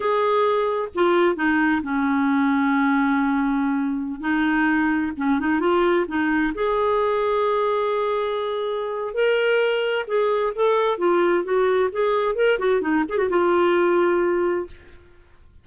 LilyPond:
\new Staff \with { instrumentName = "clarinet" } { \time 4/4 \tempo 4 = 131 gis'2 f'4 dis'4 | cis'1~ | cis'4~ cis'16 dis'2 cis'8 dis'16~ | dis'16 f'4 dis'4 gis'4.~ gis'16~ |
gis'1 | ais'2 gis'4 a'4 | f'4 fis'4 gis'4 ais'8 fis'8 | dis'8 gis'16 fis'16 f'2. | }